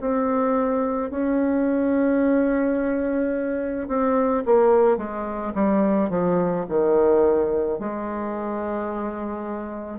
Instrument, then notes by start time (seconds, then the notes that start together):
bassoon
0.00 C4
1.10 C#4
3.88 C4
4.45 A#3
4.97 G#3
5.55 G3
6.10 F3
6.69 D#3
7.79 G#3